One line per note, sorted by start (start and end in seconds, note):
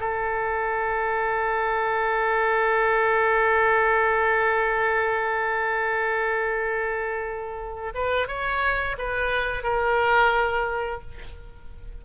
0.00 7.93 A4
7.94 8.27 B4
8.27 8.96 C#5
8.98 9.63 B4
9.63 11.01 A#4